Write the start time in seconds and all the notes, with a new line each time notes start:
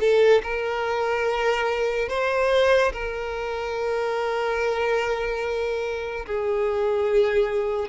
0.00 A4
0.43 A#4
2.09 C5
2.92 A#4
6.26 G#4